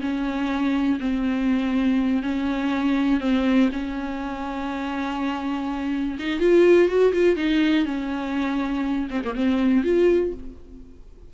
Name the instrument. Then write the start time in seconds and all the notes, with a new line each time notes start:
viola
0.00 C#4
1.00 C4
2.22 C#4
3.20 C4
3.72 C#4
6.19 D#4
6.40 F4
6.88 F#4
7.12 F4
7.36 D#4
7.85 C#4
9.10 C4
9.24 A#3
9.35 C4
9.84 F4